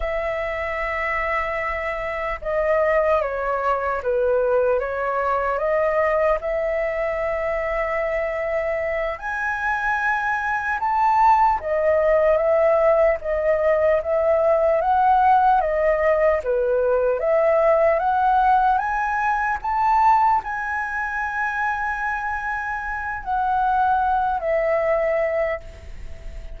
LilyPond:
\new Staff \with { instrumentName = "flute" } { \time 4/4 \tempo 4 = 75 e''2. dis''4 | cis''4 b'4 cis''4 dis''4 | e''2.~ e''8 gis''8~ | gis''4. a''4 dis''4 e''8~ |
e''8 dis''4 e''4 fis''4 dis''8~ | dis''8 b'4 e''4 fis''4 gis''8~ | gis''8 a''4 gis''2~ gis''8~ | gis''4 fis''4. e''4. | }